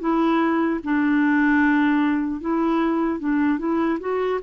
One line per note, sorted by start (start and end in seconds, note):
0.00 0.80 E4
0.84 2.41 D4
2.41 3.20 E4
3.20 3.59 D4
3.59 3.99 E4
4.00 4.40 F#4